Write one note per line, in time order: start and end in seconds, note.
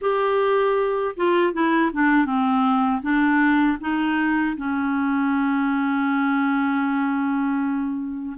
0.01 1.15 G4
1.16 1.53 F4
1.53 1.91 E4
1.93 2.25 D4
2.25 3.01 C4
3.01 3.77 D4
3.80 4.56 D#4
4.56 8.36 C#4